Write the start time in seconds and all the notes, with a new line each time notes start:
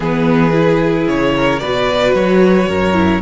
0.00 E3 B3 G#4 B4
0.52 E4
1.07 C#3 C#5
1.35 A#4
1.59 B2 F#4 B4 D5
2.13 F#3 C#5
2.68 F#2 A#4
2.93 E4